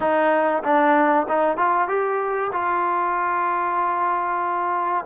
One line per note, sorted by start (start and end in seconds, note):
0.00 0.63 D#4
0.63 1.26 D4
1.28 1.57 D#4
1.57 1.88 F4
1.88 2.51 G4
2.52 5.05 F4